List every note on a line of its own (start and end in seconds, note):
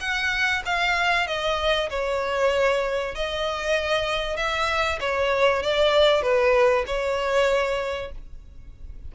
0.00 0.62 F#5
0.65 1.27 F5
1.27 1.89 D#5
1.90 3.15 C#5
3.15 4.36 D#5
4.36 4.99 E5
5.00 5.62 C#5
5.62 6.22 D5
6.22 6.85 B4
6.87 8.12 C#5